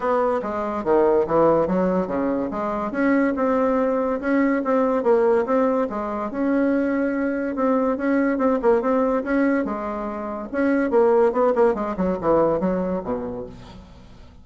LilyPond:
\new Staff \with { instrumentName = "bassoon" } { \time 4/4 \tempo 4 = 143 b4 gis4 dis4 e4 | fis4 cis4 gis4 cis'4 | c'2 cis'4 c'4 | ais4 c'4 gis4 cis'4~ |
cis'2 c'4 cis'4 | c'8 ais8 c'4 cis'4 gis4~ | gis4 cis'4 ais4 b8 ais8 | gis8 fis8 e4 fis4 b,4 | }